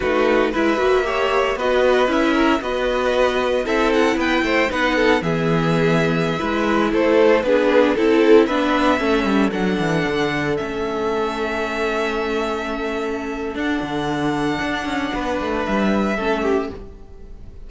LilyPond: <<
  \new Staff \with { instrumentName = "violin" } { \time 4/4 \tempo 4 = 115 b'4 e''2 dis''4 | e''4 dis''2 e''8 fis''8 | g''4 fis''4 e''2~ | e''4~ e''16 c''4 b'4 a'8.~ |
a'16 e''2 fis''4.~ fis''16~ | fis''16 e''2.~ e''8.~ | e''2 fis''2~ | fis''2 e''2 | }
  \new Staff \with { instrumentName = "violin" } { \time 4/4 fis'4 b'4 cis''4 b'4~ | b'8 ais'8 b'2 a'4 | b'8 c''8 b'8 a'8 gis'2~ | gis'16 b'4 a'4 gis'4 a'8.~ |
a'16 b'4 a'2~ a'8.~ | a'1~ | a'1~ | a'4 b'2 a'8 g'8 | }
  \new Staff \with { instrumentName = "viola" } { \time 4/4 dis'4 e'8 fis'8 g'4 fis'4 | e'4 fis'2 e'4~ | e'4 dis'4 b2~ | b16 e'2 d'4 e'8.~ |
e'16 d'4 cis'4 d'4.~ d'16~ | d'16 cis'2.~ cis'8.~ | cis'2 d'2~ | d'2. cis'4 | }
  \new Staff \with { instrumentName = "cello" } { \time 4/4 a4 gis8 ais4. b4 | cis'4 b2 c'4 | b8 a8 b4 e2~ | e16 gis4 a4 b4 c'8.~ |
c'16 b4 a8 g8 fis8 e8 d8.~ | d16 a2.~ a8.~ | a2 d'8 d4. | d'8 cis'8 b8 a8 g4 a4 | }
>>